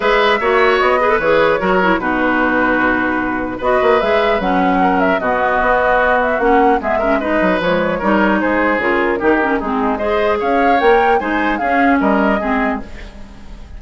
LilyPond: <<
  \new Staff \with { instrumentName = "flute" } { \time 4/4 \tempo 4 = 150 e''2 dis''4 cis''4~ | cis''4 b'2.~ | b'4 dis''4 e''4 fis''4~ | fis''8 e''8 dis''2~ dis''8 e''8 |
fis''4 e''4 dis''4 cis''4~ | cis''4 c''4 ais'2 | gis'4 dis''4 f''4 g''4 | gis''4 f''4 dis''2 | }
  \new Staff \with { instrumentName = "oboe" } { \time 4/4 b'4 cis''4. b'4. | ais'4 fis'2.~ | fis'4 b'2. | ais'4 fis'2.~ |
fis'4 gis'8 ais'8 b'2 | ais'4 gis'2 g'4 | dis'4 c''4 cis''2 | c''4 gis'4 ais'4 gis'4 | }
  \new Staff \with { instrumentName = "clarinet" } { \time 4/4 gis'4 fis'4. gis'16 a'16 gis'4 | fis'8 e'8 dis'2.~ | dis'4 fis'4 gis'4 cis'4~ | cis'4 b2. |
cis'4 b8 cis'8 dis'4 gis4 | dis'2 f'4 dis'8 cis'8 | c'4 gis'2 ais'4 | dis'4 cis'2 c'4 | }
  \new Staff \with { instrumentName = "bassoon" } { \time 4/4 gis4 ais4 b4 e4 | fis4 b,2.~ | b,4 b8 ais8 gis4 fis4~ | fis4 b,4 b2 |
ais4 gis4. fis8 f4 | g4 gis4 cis4 dis4 | gis2 cis'4 ais4 | gis4 cis'4 g4 gis4 | }
>>